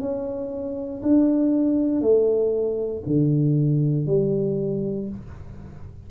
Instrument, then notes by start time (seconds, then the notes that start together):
tuba
0.00 C#4
1.03 D4
2.02 A3
3.07 D3
4.07 G3